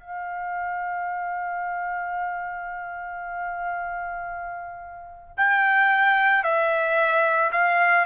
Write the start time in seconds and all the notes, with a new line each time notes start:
0.00 F5
5.37 G5
6.44 E5
7.52 F5